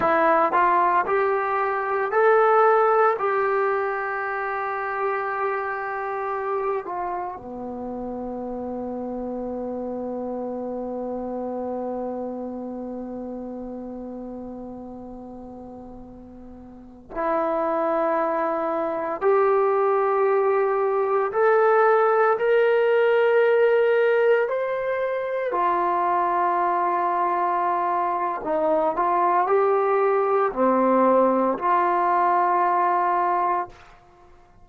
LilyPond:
\new Staff \with { instrumentName = "trombone" } { \time 4/4 \tempo 4 = 57 e'8 f'8 g'4 a'4 g'4~ | g'2~ g'8 f'8 b4~ | b1~ | b1~ |
b16 e'2 g'4.~ g'16~ | g'16 a'4 ais'2 c''8.~ | c''16 f'2~ f'8. dis'8 f'8 | g'4 c'4 f'2 | }